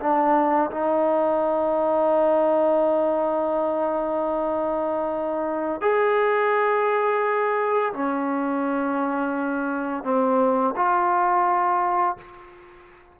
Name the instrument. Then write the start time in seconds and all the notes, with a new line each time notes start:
trombone
0.00 D4
0.71 D#4
5.81 G#4
7.93 C#4
10.04 C4
10.76 F4